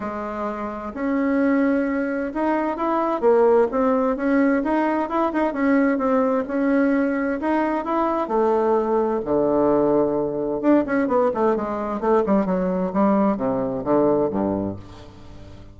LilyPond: \new Staff \with { instrumentName = "bassoon" } { \time 4/4 \tempo 4 = 130 gis2 cis'2~ | cis'4 dis'4 e'4 ais4 | c'4 cis'4 dis'4 e'8 dis'8 | cis'4 c'4 cis'2 |
dis'4 e'4 a2 | d2. d'8 cis'8 | b8 a8 gis4 a8 g8 fis4 | g4 c4 d4 g,4 | }